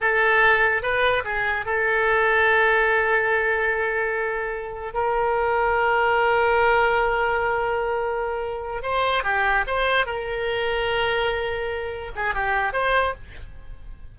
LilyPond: \new Staff \with { instrumentName = "oboe" } { \time 4/4 \tempo 4 = 146 a'2 b'4 gis'4 | a'1~ | a'1 | ais'1~ |
ais'1~ | ais'4. c''4 g'4 c''8~ | c''8 ais'2.~ ais'8~ | ais'4. gis'8 g'4 c''4 | }